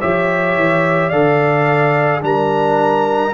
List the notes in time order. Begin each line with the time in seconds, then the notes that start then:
0.00 F3 G4 C#5 E5
0.56 E3
1.08 D3 A4 D5 F5
2.21 G3 D4 A#4 A#5